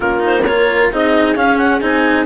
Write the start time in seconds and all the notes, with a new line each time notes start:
0.00 A#3 C#4 F4 A#4
0.19 D#4
0.26 C5
0.45 F4 A#4 C#5
0.92 C4 D#4 G#4 D#5
1.35 C#4 F5
1.57 F#5
1.81 C4 D#4 G#5